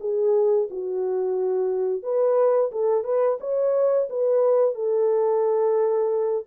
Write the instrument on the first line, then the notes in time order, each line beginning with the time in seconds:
horn
0.00 G#4
0.70 F#4
2.02 B4
2.71 A4
3.04 B4
3.40 C#5
4.09 B4
4.75 A4